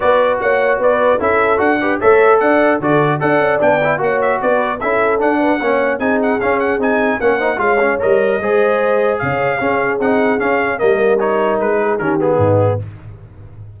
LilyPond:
<<
  \new Staff \with { instrumentName = "trumpet" } { \time 4/4 \tempo 4 = 150 d''4 fis''4 d''4 e''4 | fis''4 e''4 fis''4 d''4 | fis''4 g''4 fis''8 e''8 d''4 | e''4 fis''2 gis''8 fis''8 |
f''8 fis''8 gis''4 fis''4 f''4 | dis''2. f''4~ | f''4 fis''4 f''4 dis''4 | cis''4 b'4 ais'8 gis'4. | }
  \new Staff \with { instrumentName = "horn" } { \time 4/4 b'4 cis''4 b'4 a'4~ | a'8 b'8 cis''4 d''4 a'4 | d''2 cis''4 b'4 | a'4. b'8 cis''4 gis'4~ |
gis'2 ais'8 c''8 cis''4~ | cis''4 c''2 cis''4 | gis'2. ais'4~ | ais'4. gis'8 g'4 dis'4 | }
  \new Staff \with { instrumentName = "trombone" } { \time 4/4 fis'2. e'4 | fis'8 g'8 a'2 fis'4 | a'4 d'8 e'8 fis'2 | e'4 d'4 cis'4 dis'4 |
cis'4 dis'4 cis'8 dis'8 f'8 cis'8 | ais'4 gis'2. | cis'4 dis'4 cis'4 ais4 | dis'2 cis'8 b4. | }
  \new Staff \with { instrumentName = "tuba" } { \time 4/4 b4 ais4 b4 cis'4 | d'4 a4 d'4 d4 | d'8 cis'8 b4 ais4 b4 | cis'4 d'4 ais4 c'4 |
cis'4 c'4 ais4 gis4 | g4 gis2 cis4 | cis'4 c'4 cis'4 g4~ | g4 gis4 dis4 gis,4 | }
>>